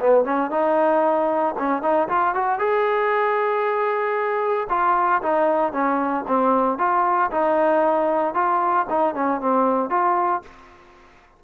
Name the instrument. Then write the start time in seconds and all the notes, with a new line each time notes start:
trombone
0.00 B3
0.24 C#4
0.50 D#4
1.58 C#4
1.82 D#4
2.08 F4
2.34 F#4
2.59 G#4
4.69 F4
5.22 D#4
5.72 C#4
6.27 C4
6.78 F4
7.31 D#4
8.34 F4
8.89 D#4
9.14 C#4
9.40 C4
9.90 F4